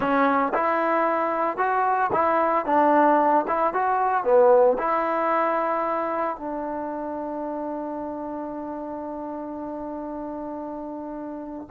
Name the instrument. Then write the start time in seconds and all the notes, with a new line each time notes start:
trombone
0.00 C#4
0.54 E4
1.57 F#4
2.12 E4
2.65 D4
3.47 E4
3.73 F#4
4.24 B3
4.78 E4
6.36 D4